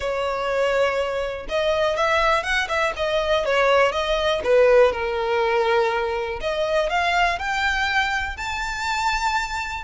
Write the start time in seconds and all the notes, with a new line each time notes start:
0.00 C#5
1.48 D#5
1.96 E5
2.43 F#5
2.68 E5
2.96 D#5
3.45 C#5
3.92 D#5
4.44 B4
4.92 A#4
6.40 D#5
6.89 F5
7.38 G5
8.36 A5